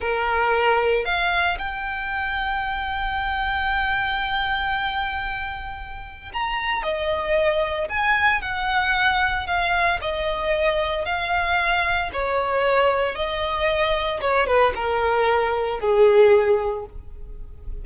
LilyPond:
\new Staff \with { instrumentName = "violin" } { \time 4/4 \tempo 4 = 114 ais'2 f''4 g''4~ | g''1~ | g''1 | ais''4 dis''2 gis''4 |
fis''2 f''4 dis''4~ | dis''4 f''2 cis''4~ | cis''4 dis''2 cis''8 b'8 | ais'2 gis'2 | }